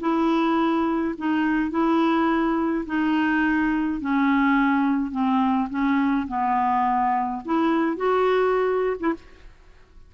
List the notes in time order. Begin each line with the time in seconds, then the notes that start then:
0.00 E4
1.18 D#4
1.70 E4
2.86 D#4
4.01 C#4
5.11 C4
5.70 C#4
6.28 B3
7.45 E4
7.96 F#4
8.99 E4